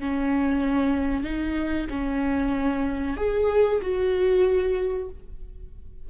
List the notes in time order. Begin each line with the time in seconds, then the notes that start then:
0.00 C#4
1.24 D#4
1.90 C#4
3.17 G#4
3.82 F#4